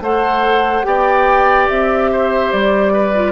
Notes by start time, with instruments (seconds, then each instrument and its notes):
0.00 bassoon A3, clarinet A4, oboe C5, flute F#5
0.84 bassoon B3, clarinet G4, oboe D5, flute G5
1.69 bassoon C4, flute E5
2.11 oboe C5
2.52 bassoon G3, flute D5
2.93 oboe B4
3.15 clarinet F4